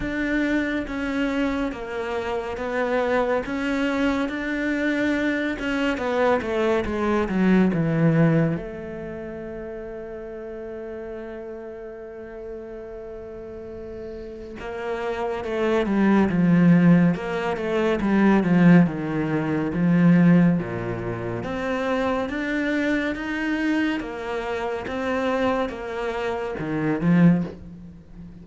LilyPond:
\new Staff \with { instrumentName = "cello" } { \time 4/4 \tempo 4 = 70 d'4 cis'4 ais4 b4 | cis'4 d'4. cis'8 b8 a8 | gis8 fis8 e4 a2~ | a1~ |
a4 ais4 a8 g8 f4 | ais8 a8 g8 f8 dis4 f4 | ais,4 c'4 d'4 dis'4 | ais4 c'4 ais4 dis8 f8 | }